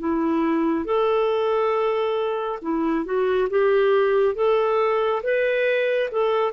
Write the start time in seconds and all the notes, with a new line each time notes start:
0.00 E4
0.86 A4
2.62 E4
3.06 F#4
3.50 G4
4.36 A4
5.23 B4
6.12 A4